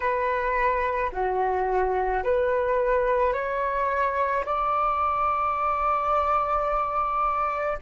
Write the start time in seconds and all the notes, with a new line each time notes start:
0.00 B4
1.12 F#4
2.23 B4
3.33 C#5
4.44 D5